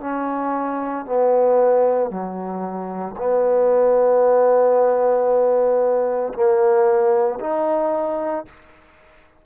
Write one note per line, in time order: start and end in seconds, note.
0.00 1.05 C#4
1.05 2.10 B3
2.10 3.15 F#3
3.17 6.33 B3
6.33 7.39 A#3
7.40 8.45 D#4